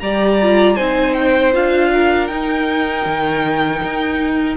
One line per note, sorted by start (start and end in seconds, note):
0.00 0.77 G3
0.00 0.40 G4
0.00 0.75 D5
0.00 0.76 A#5
0.42 0.77 F4
0.75 1.55 C4
0.75 1.53 D#4
0.75 1.89 C5
0.75 1.14 G#5
1.14 1.52 G5
1.53 2.30 D4
1.53 2.28 F4
1.53 2.27 F5
1.93 4.56 A#4
2.27 4.56 D#4
2.27 3.05 D#4
2.27 4.55 G5
3.05 3.81 D#3
3.83 4.56 D#4